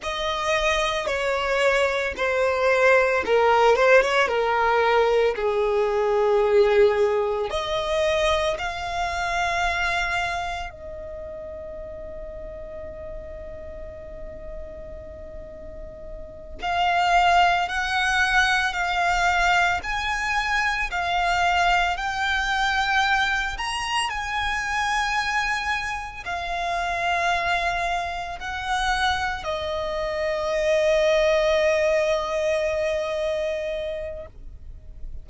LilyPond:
\new Staff \with { instrumentName = "violin" } { \time 4/4 \tempo 4 = 56 dis''4 cis''4 c''4 ais'8 c''16 cis''16 | ais'4 gis'2 dis''4 | f''2 dis''2~ | dis''2.~ dis''8 f''8~ |
f''8 fis''4 f''4 gis''4 f''8~ | f''8 g''4. ais''8 gis''4.~ | gis''8 f''2 fis''4 dis''8~ | dis''1 | }